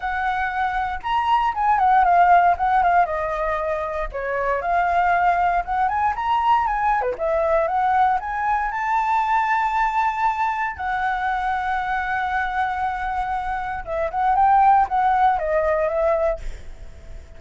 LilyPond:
\new Staff \with { instrumentName = "flute" } { \time 4/4 \tempo 4 = 117 fis''2 ais''4 gis''8 fis''8 | f''4 fis''8 f''8 dis''2 | cis''4 f''2 fis''8 gis''8 | ais''4 gis''8. b'16 e''4 fis''4 |
gis''4 a''2.~ | a''4 fis''2.~ | fis''2. e''8 fis''8 | g''4 fis''4 dis''4 e''4 | }